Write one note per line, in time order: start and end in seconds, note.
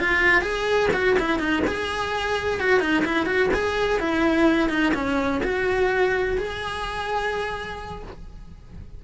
0.00 0.42 F4
0.42 0.89 G#4
0.94 1.17 F#4
1.20 1.40 E4
1.40 1.63 D#4
1.68 2.60 G#4
2.60 2.80 F#4
2.80 3.04 D#4
3.05 3.26 E4
3.26 3.50 F#4
3.54 4.00 G#4
4.00 4.70 E4
4.70 4.93 D#4
4.94 5.42 C#4
5.44 6.38 F#4
6.38 8.03 G#4